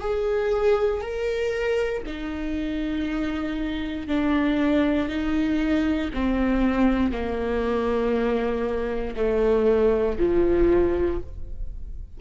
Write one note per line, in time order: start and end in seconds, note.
0.00 1.01 G#4
1.01 2.03 A#4
2.06 4.08 D#4
4.08 5.08 D4
5.08 6.10 D#4
6.13 7.12 C4
7.12 9.15 A#3
9.16 10.18 A3
10.19 11.20 F3